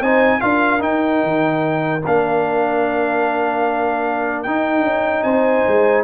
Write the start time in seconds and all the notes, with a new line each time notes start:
0.00 C4 D#4 C5 G#5
0.41 D4 F4 A#4 F5
0.79 D#4 G5
1.23 D#3
2.06 A#3 D4 F5
4.43 D#4 G5
4.82 C#4
5.23 C4 C5 G#5
5.67 G#3